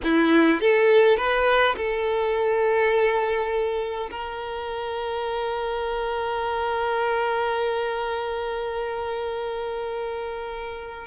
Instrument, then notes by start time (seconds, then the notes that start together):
violin
0.03 E4
0.60 A4
1.17 B4
1.77 A4
4.10 A#4